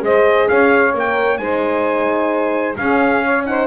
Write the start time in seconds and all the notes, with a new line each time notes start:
0.00 G#3 G#4 C5 D#5
0.49 C#4 C#5 F5
0.94 A#3 A#4 G5
1.38 G#3 D#4 C5 G#5
2.77 C#4 G#4 F5
3.24 C#5
3.46 D#4 C5 F#5